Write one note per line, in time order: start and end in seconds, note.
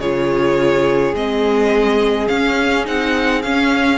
0.00 1.14 C#3
0.00 1.15 F4
0.00 3.98 G#4
0.00 1.15 C#5
1.14 2.28 G#3
1.14 2.28 C4
1.14 2.28 D#5
2.28 2.85 C#4
2.28 2.87 C#4
2.28 2.85 F5
2.85 3.44 C4
2.85 3.42 D#4
2.85 3.42 F#5
3.42 3.98 C#4
3.42 3.98 F5